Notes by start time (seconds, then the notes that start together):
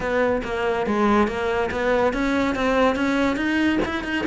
0.00 B3
0.44 A#3
0.86 G#3
1.27 A#3
1.71 B3
2.13 C#4
2.55 C4
2.95 C#4
3.36 D#4
3.85 E4
4.03 D#4